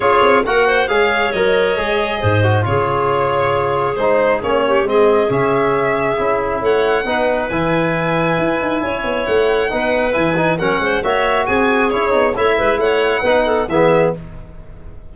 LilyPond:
<<
  \new Staff \with { instrumentName = "violin" } { \time 4/4 \tempo 4 = 136 cis''4 fis''4 f''4 dis''4~ | dis''2 cis''2~ | cis''4 c''4 cis''4 dis''4 | e''2. fis''4~ |
fis''4 gis''2.~ | gis''4 fis''2 gis''4 | fis''4 e''4 gis''4 cis''4 | e''4 fis''2 e''4 | }
  \new Staff \with { instrumentName = "clarinet" } { \time 4/4 gis'4 ais'8 c''8 cis''2~ | cis''4 c''4 gis'2~ | gis'2~ gis'8 g'8 gis'4~ | gis'2. cis''4 |
b'1 | cis''2 b'2 | ais'8 c''8 cis''4 gis'2 | cis''8 b'8 cis''4 b'8 a'8 gis'4 | }
  \new Staff \with { instrumentName = "trombone" } { \time 4/4 f'4 fis'4 gis'4 ais'4 | gis'4. fis'8 f'2~ | f'4 dis'4 cis'4 c'4 | cis'2 e'2 |
dis'4 e'2.~ | e'2 dis'4 e'8 dis'8 | cis'4 fis'2 e'8 dis'8 | e'2 dis'4 b4 | }
  \new Staff \with { instrumentName = "tuba" } { \time 4/4 cis'8 c'8 ais4 gis4 fis4 | gis4 gis,4 cis2~ | cis4 gis4 ais4 gis4 | cis2 cis'4 a4 |
b4 e2 e'8 dis'8 | cis'8 b8 a4 b4 e4 | fis8 gis8 ais4 c'4 cis'8 b8 | a8 gis8 a4 b4 e4 | }
>>